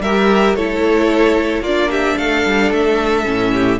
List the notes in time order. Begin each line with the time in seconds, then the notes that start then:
0.00 G3 G4 A#4 E5
0.55 A3 E4 A4 C#5
1.60 A#3 F4 D5
1.66 D4
1.90 G4 E5
2.17 A3 A4 F5
2.45 G3
2.70 A3 E5
3.25 A2 C#4
3.52 G4